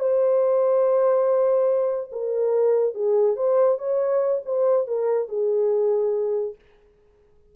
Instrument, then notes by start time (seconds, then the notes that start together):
horn
0.00 C5
2.13 A#4
2.95 G#4
3.36 C5
3.79 C#5
4.45 C5
4.87 A#4
5.29 G#4